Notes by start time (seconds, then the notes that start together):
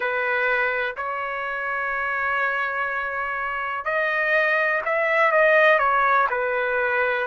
0.00 B4
0.96 C#5
3.84 D#5
4.85 E5
5.31 D#5
5.78 C#5
6.29 B4